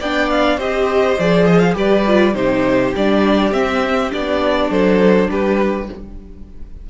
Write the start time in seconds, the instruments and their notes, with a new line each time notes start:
0.00 cello B3, viola D4, violin D5 G5
0.31 violin F5
0.58 cello C4, viola G4, violin C5 D#5
1.19 cello F3, viola G#4, violin D5
1.47 violin D#5
1.59 violin F5
1.74 cello G3, viola G4, violin B4 D5
2.07 viola F4
2.34 cello C3, viola D#4, violin G4 C5
2.96 cello G3, viola D4, violin D5
3.52 viola C4, cello C4, violin E5
4.11 cello B3, viola D4, violin D5
4.70 cello F#3, violin A4 C5
5.30 cello G3, violin G4 B4